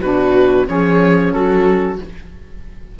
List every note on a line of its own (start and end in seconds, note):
0.00 0.68 B2
0.00 0.66 D4
0.00 0.65 F#4
0.00 0.67 B4
0.66 1.33 F3
0.66 1.97 C#4
0.66 1.34 G#4
0.66 1.33 C#5
1.33 1.98 F#3
1.33 1.99 F#4
1.33 1.98 A4